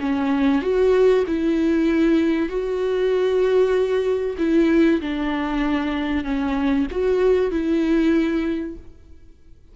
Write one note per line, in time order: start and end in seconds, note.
0.00 0.61 C#4
0.61 1.24 F#4
1.27 2.48 E4
2.48 4.36 F#4
4.38 5.00 E4
5.01 6.24 D4
6.24 6.86 C#4
6.91 7.51 F#4
7.51 8.76 E4